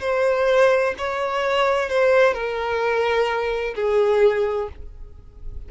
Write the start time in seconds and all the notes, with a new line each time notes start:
0.00 C5
0.98 C#5
1.89 C5
2.34 A#4
3.75 G#4